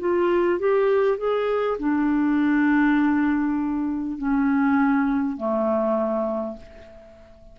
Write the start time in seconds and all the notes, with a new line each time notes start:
0.00 F4
0.59 G4
1.18 G#4
1.79 D4
4.18 C#4
5.37 A3